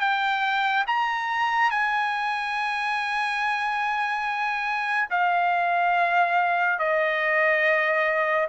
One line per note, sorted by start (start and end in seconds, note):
0.00 0.85 G5
0.87 1.70 A#5
1.70 5.08 G#5
5.10 6.79 F5
6.79 8.48 D#5